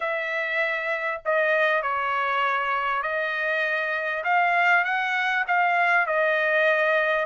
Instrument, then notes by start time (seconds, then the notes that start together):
trumpet
0.00 E5
1.25 D#5
1.82 C#5
3.02 D#5
4.24 F5
4.84 F#5
5.47 F5
6.06 D#5